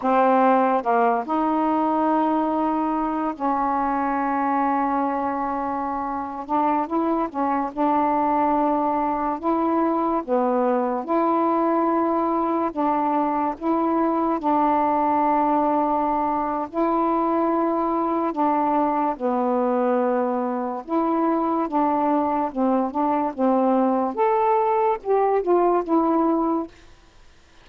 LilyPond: \new Staff \with { instrumentName = "saxophone" } { \time 4/4 \tempo 4 = 72 c'4 ais8 dis'2~ dis'8 | cis'2.~ cis'8. d'16~ | d'16 e'8 cis'8 d'2 e'8.~ | e'16 b4 e'2 d'8.~ |
d'16 e'4 d'2~ d'8. | e'2 d'4 b4~ | b4 e'4 d'4 c'8 d'8 | c'4 a'4 g'8 f'8 e'4 | }